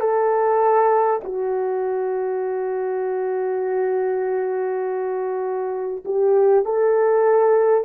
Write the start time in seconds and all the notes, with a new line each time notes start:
0.00 A4
1.23 F#4
6.05 G4
6.65 A4